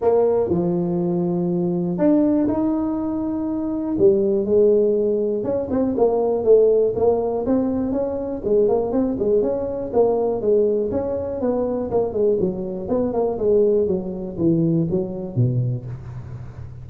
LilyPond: \new Staff \with { instrumentName = "tuba" } { \time 4/4 \tempo 4 = 121 ais4 f2. | d'4 dis'2. | g4 gis2 cis'8 c'8 | ais4 a4 ais4 c'4 |
cis'4 gis8 ais8 c'8 gis8 cis'4 | ais4 gis4 cis'4 b4 | ais8 gis8 fis4 b8 ais8 gis4 | fis4 e4 fis4 b,4 | }